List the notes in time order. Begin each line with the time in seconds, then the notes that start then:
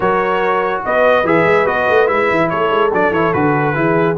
0.00 F#3 F#4 A#4 C#5
0.85 B3 B4 D#5
1.24 E3 G#4 E5
1.44 G#3
1.66 B3 F#4 D#5
1.89 A3
2.06 G#3 E4 E5
2.29 E3
2.49 A3 A4 C#5
2.70 G#3
2.93 F#3 D4 D5
3.11 E3 E4 C#5
3.33 D3 F#4 B4
3.74 E3 E4 G#4